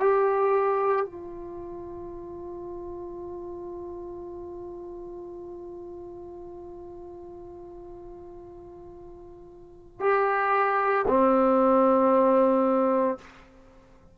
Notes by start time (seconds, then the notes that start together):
0.00 G4
1.06 F4
10.00 G4
11.08 C4